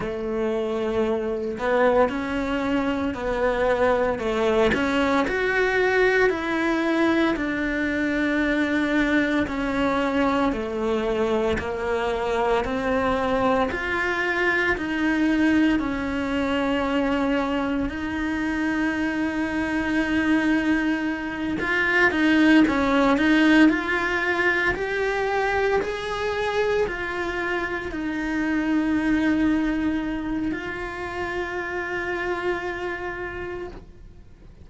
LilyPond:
\new Staff \with { instrumentName = "cello" } { \time 4/4 \tempo 4 = 57 a4. b8 cis'4 b4 | a8 cis'8 fis'4 e'4 d'4~ | d'4 cis'4 a4 ais4 | c'4 f'4 dis'4 cis'4~ |
cis'4 dis'2.~ | dis'8 f'8 dis'8 cis'8 dis'8 f'4 g'8~ | g'8 gis'4 f'4 dis'4.~ | dis'4 f'2. | }